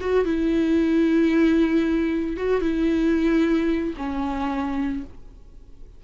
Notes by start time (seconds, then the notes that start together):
0.00 F#4
0.24 E4
2.37 F#4
2.61 E4
3.97 C#4